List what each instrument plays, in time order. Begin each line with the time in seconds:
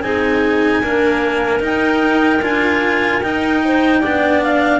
0.00 double bass C4, cello D#4, clarinet G#4 G#5
0.82 cello A#3, double bass D4, clarinet A#4
1.59 cello D#4, double bass D#4, clarinet G5
2.41 double bass D4, cello F4, clarinet G#5
3.22 double bass D#4, cello D#4, clarinet G5
3.64 clarinet C5
4.00 double bass B3, cello D4, clarinet D5
4.42 clarinet F5